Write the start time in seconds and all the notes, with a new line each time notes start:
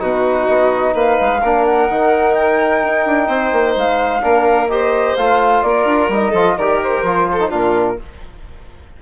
0.00 B2 D#4 F#4 B4
0.47 B3 D#5
0.95 A#3 B4 F5
1.21 G#3
1.42 A#3 D4 A#4
1.65 F#5
1.90 D#3 D#4
2.34 G5
2.83 D#4
3.06 D4
3.28 C4 C5
3.53 A#3
3.77 G#3 F5
4.22 A#3 D4 A#4
4.69 G4 C5 D#5
5.16 A3 F4 F5
5.63 A#3 A#4 D5
5.85 D4
6.09 G3 D#4 D#5
6.31 F3 F4 A4
6.57 D#3 G4 A#4 D5
6.83 C5
7.03 F3 F4
7.32 A4
7.40 D#4
7.50 A#2 D4 F4 A#4